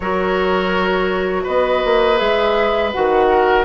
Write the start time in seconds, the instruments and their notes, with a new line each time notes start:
0.00 bassoon F#3, clarinet F#4, oboe A#4, flute C#5
1.43 bassoon B3, oboe B4, flute D#5
1.84 bassoon A#3
2.16 bassoon G#3, clarinet G#4, flute E5
2.92 bassoon D#3, clarinet F#4, flute F#5
3.29 oboe A#4